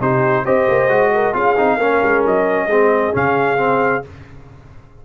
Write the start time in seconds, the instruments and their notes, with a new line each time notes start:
0.00 tuba C3, trombone D#4, horn G4, trumpet C5
0.44 tuba C4, trombone G4, horn C5, trumpet D#5
0.68 tuba A#3
0.88 tuba G#3, trombone F#4
1.14 horn A#4
1.33 tuba C#4, trombone F4, horn G#4, trumpet F5
1.57 tuba C4, trombone D#4
1.77 tuba A#3, trombone C#4, horn A#4
2.02 tuba G#3
2.25 tuba F#3, trumpet D#5
2.66 tuba G#3, trombone C4, horn G#4
3.12 tuba C#3, trombone C#4, trumpet F5
3.57 trombone C4